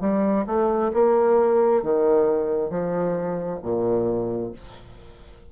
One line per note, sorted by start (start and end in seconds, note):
0.00 0.45 G3
0.46 0.91 A3
0.94 1.82 A#3
1.82 2.69 D#3
2.69 3.59 F3
3.62 4.52 A#2